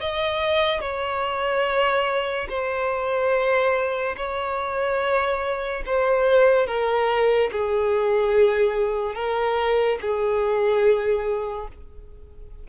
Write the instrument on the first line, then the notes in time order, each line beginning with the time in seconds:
violin
0.00 D#5
0.80 C#5
2.48 C5
4.16 C#5
5.86 C5
6.67 A#4
7.51 G#4
9.14 A#4
10.01 G#4